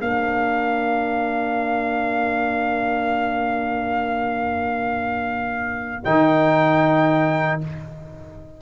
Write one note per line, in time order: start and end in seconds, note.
0.00 6.04 A#3
0.00 6.04 D4
0.00 7.62 A#4
0.00 6.04 F5
6.04 7.61 D#3
6.04 7.61 D#4
6.04 7.60 G5